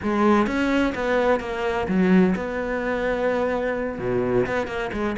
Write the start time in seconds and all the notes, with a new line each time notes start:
0.02 G#3
0.46 C#4
0.95 B3
1.40 A#3
1.88 F#3
2.35 B3
3.98 B2
4.46 B3
4.67 A#3
4.92 G#3